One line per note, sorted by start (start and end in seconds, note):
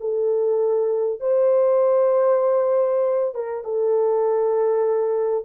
0.00 1.20 A4
1.20 3.34 C5
3.34 3.64 A#4
3.64 5.44 A4